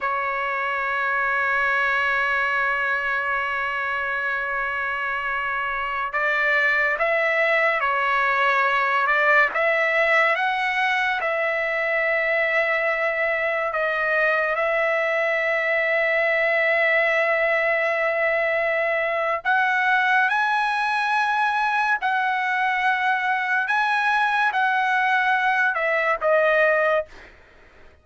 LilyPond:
\new Staff \with { instrumentName = "trumpet" } { \time 4/4 \tempo 4 = 71 cis''1~ | cis''2.~ cis''16 d''8.~ | d''16 e''4 cis''4. d''8 e''8.~ | e''16 fis''4 e''2~ e''8.~ |
e''16 dis''4 e''2~ e''8.~ | e''2. fis''4 | gis''2 fis''2 | gis''4 fis''4. e''8 dis''4 | }